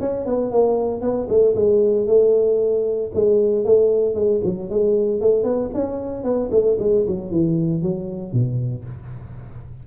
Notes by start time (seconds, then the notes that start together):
0.00 C#4
0.26 B3
0.51 A#3
1.01 B3
1.29 A3
1.55 G#3
2.07 A3
3.14 G#3
3.65 A3
4.15 G#3
4.44 F#3
4.70 G#3
5.21 A3
5.44 B3
5.74 C#4
6.24 B3
6.51 A3
6.79 G#3
7.07 F#3
7.31 E3
7.83 F#3
8.33 B2